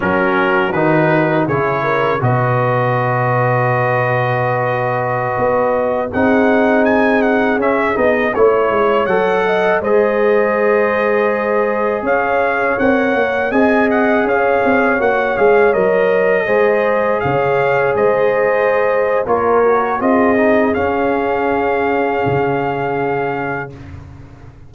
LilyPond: <<
  \new Staff \with { instrumentName = "trumpet" } { \time 4/4 \tempo 4 = 81 ais'4 b'4 cis''4 dis''4~ | dis''1~ | dis''16 fis''4 gis''8 fis''8 e''8 dis''8 cis''8.~ | cis''16 fis''4 dis''2~ dis''8.~ |
dis''16 f''4 fis''4 gis''8 fis''8 f''8.~ | f''16 fis''8 f''8 dis''2 f''8.~ | f''16 dis''4.~ dis''16 cis''4 dis''4 | f''1 | }
  \new Staff \with { instrumentName = "horn" } { \time 4/4 fis'2 gis'8 ais'8 b'4~ | b'1~ | b'16 gis'2. cis''8.~ | cis''8. dis''8 c''2~ c''8.~ |
c''16 cis''2 dis''4 cis''8.~ | cis''2~ cis''16 c''4 cis''8.~ | cis''16 c''4.~ c''16 ais'4 gis'4~ | gis'1 | }
  \new Staff \with { instrumentName = "trombone" } { \time 4/4 cis'4 dis'4 e'4 fis'4~ | fis'1~ | fis'16 dis'2 cis'8 dis'8 e'8.~ | e'16 a'4 gis'2~ gis'8.~ |
gis'4~ gis'16 ais'4 gis'4.~ gis'16~ | gis'16 fis'8 gis'8 ais'4 gis'4.~ gis'16~ | gis'2 f'8 fis'8 f'8 dis'8 | cis'1 | }
  \new Staff \with { instrumentName = "tuba" } { \time 4/4 fis4 dis4 cis4 b,4~ | b,2.~ b,16 b8.~ | b16 c'2 cis'8 b8 a8 gis16~ | gis16 fis4 gis2~ gis8.~ |
gis16 cis'4 c'8 ais8 c'4 cis'8 c'16~ | c'16 ais8 gis8 fis4 gis4 cis8.~ | cis16 gis4.~ gis16 ais4 c'4 | cis'2 cis2 | }
>>